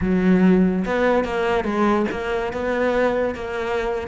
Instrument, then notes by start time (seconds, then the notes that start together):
cello
0.01 F#3
0.85 B3
1.24 A#3
1.64 G#3
2.11 A#3
2.52 B3
3.34 A#3